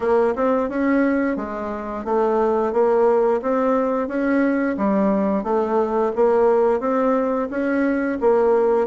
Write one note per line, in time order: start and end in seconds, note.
0.00 0.34 A#3
0.35 0.69 C4
0.69 1.36 C#4
1.36 2.04 G#3
2.05 2.72 A3
2.72 3.41 A#3
3.42 4.08 C4
4.08 4.76 C#4
4.77 5.43 G3
5.43 6.11 A3
6.15 6.80 A#3
6.80 7.48 C4
7.50 8.18 C#4
8.20 8.87 A#3